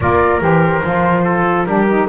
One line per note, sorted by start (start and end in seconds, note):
0.00 0.40 A#3
0.00 0.40 F4
0.00 1.24 A#4
0.00 0.41 D5
0.40 0.82 E3
0.40 0.82 G4
0.40 1.64 C5
0.83 1.65 F3
0.83 1.66 F4
1.24 1.66 A4
1.64 2.07 G3
1.64 1.86 D4
1.64 2.08 G4
1.64 2.06 A#4
1.89 2.08 D#4